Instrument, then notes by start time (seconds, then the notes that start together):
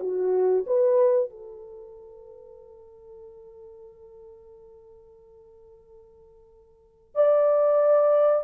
horn
0.00 F#4
0.67 B4
1.30 A4
7.15 D5